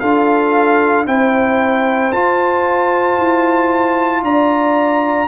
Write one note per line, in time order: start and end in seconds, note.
0.00 1.06 D4
0.00 1.07 F4
0.00 1.06 A4
0.00 1.05 F5
1.06 2.11 C4
1.06 2.12 E4
1.06 4.23 C5
1.06 2.12 G5
2.12 3.17 F4
2.12 5.28 F4
2.12 4.23 A5
3.18 4.22 E4
4.22 5.27 D4
4.22 5.28 D5
4.22 5.28 A#5